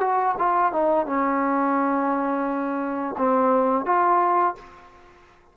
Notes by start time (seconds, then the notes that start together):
0.00 F#4
0.38 F4
0.72 D#4
1.06 C#4
3.18 C4
3.85 F4